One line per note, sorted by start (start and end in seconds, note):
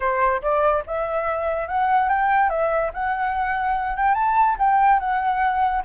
0.00 0.41 C5
0.42 0.83 D5
0.86 1.68 E5
1.68 2.09 F#5
2.09 2.49 G5
2.49 2.91 E5
2.93 3.97 F#5
3.97 4.14 G5
4.14 4.56 A5
4.59 4.99 G5
4.99 5.82 F#5